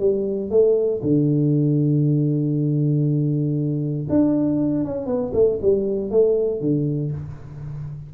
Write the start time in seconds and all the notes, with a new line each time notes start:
0.00 G3
0.51 A3
1.03 D3
4.10 D4
4.85 C#4
5.07 B3
5.34 A3
5.62 G3
6.11 A3
6.61 D3